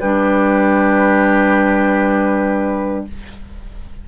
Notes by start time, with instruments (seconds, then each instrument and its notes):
0.00 bassoon G3, clarinet D4, oboe G4, flute B4